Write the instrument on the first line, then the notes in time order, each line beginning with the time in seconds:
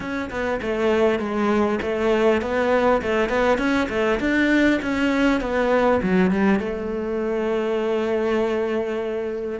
cello
0.00 C#4
0.30 B3
0.61 A3
1.19 G#3
1.82 A3
2.41 B3
3.02 A3
3.29 B3
3.58 C#4
3.89 A3
4.20 D4
4.82 C#4
5.40 B3
6.02 F#3
6.30 G3
6.59 A3